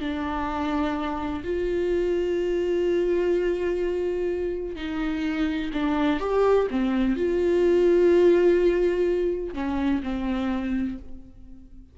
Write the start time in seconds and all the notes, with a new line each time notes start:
0.00 D4
1.44 F4
4.76 D#4
5.74 D4
6.20 G4
6.71 C4
7.16 F4
9.54 C#4
10.03 C4